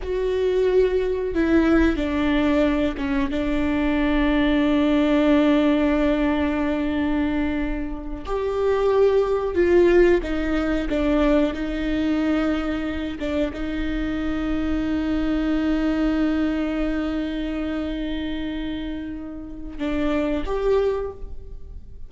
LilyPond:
\new Staff \with { instrumentName = "viola" } { \time 4/4 \tempo 4 = 91 fis'2 e'4 d'4~ | d'8 cis'8 d'2.~ | d'1~ | d'8 g'2 f'4 dis'8~ |
dis'8 d'4 dis'2~ dis'8 | d'8 dis'2.~ dis'8~ | dis'1~ | dis'2 d'4 g'4 | }